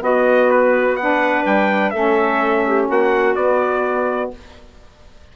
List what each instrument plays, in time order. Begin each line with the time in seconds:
0.00 saxophone B3, bassoon B3, clarinet F#4, trumpet D#5
0.50 trumpet B4
0.96 saxophone D4, clarinet B4, trumpet F#5
1.46 bassoon G3, trumpet G5
1.90 bassoon A3, saxophone C#4, clarinet A4, trumpet E5
2.67 clarinet G4
2.88 bassoon A#3, clarinet F#4, trumpet F#5
3.35 bassoon B3, saxophone B3, trumpet D5